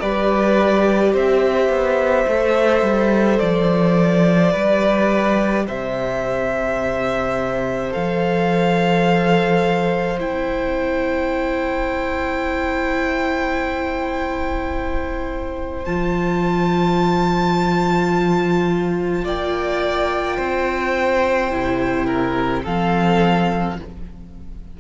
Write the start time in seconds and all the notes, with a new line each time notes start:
0.00 G3 G4 B4 D5
1.13 C4 C5 E5
1.69 B3
2.27 A3 A4
2.82 G3
3.39 F3 D5
4.52 G3 G4 B4
5.67 C3 C5 E5
7.90 F3 A4 F5
10.19 C4 E4 G5
15.85 F3 F4 A5
19.24 A#3 D5 G5
20.37 C4 C5
21.50 C3 E4
22.06 A#4
22.63 F3 C4 A4 F5